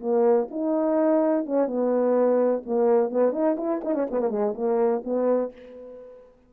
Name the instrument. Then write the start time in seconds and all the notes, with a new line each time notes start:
horn
0.00 A#3
0.51 D#4
1.46 C#4
1.67 B3
2.66 A#3
3.10 B3
3.32 D#4
3.57 E4
3.84 D#4
3.94 C#4
4.11 B3
4.20 A#3
4.30 G#3
4.54 A#3
5.04 B3